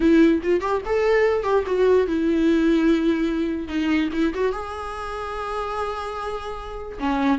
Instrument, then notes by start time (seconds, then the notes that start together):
viola
0.00 E4
0.42 F4
0.61 G4
0.85 A4
1.43 G4
1.66 F#4
2.07 E4
3.68 D#4
4.12 E4
4.34 F#4
4.52 G#4
6.99 C#4